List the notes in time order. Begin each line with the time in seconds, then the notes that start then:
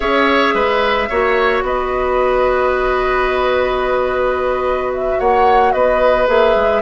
0.00 C#4 G#4 C#5 E5
0.54 G#3 B4
1.09 A#3 F#4 C#5
1.62 B3 B4 D#5
4.93 E5
5.19 A#3 C#5 F#5
5.72 B3 B4 D#5
6.27 A#3 G#4 E5
6.55 G#3